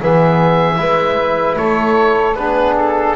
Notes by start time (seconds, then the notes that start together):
0.00 E3 B3 G#4 E5
0.75 G#3 E4 B4
1.56 A3 A4 C#5
2.35 B3 D4 G#4 B4
2.77 A4